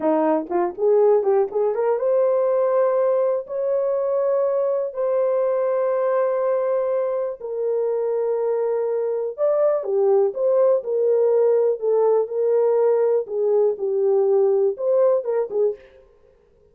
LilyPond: \new Staff \with { instrumentName = "horn" } { \time 4/4 \tempo 4 = 122 dis'4 f'8 gis'4 g'8 gis'8 ais'8 | c''2. cis''4~ | cis''2 c''2~ | c''2. ais'4~ |
ais'2. d''4 | g'4 c''4 ais'2 | a'4 ais'2 gis'4 | g'2 c''4 ais'8 gis'8 | }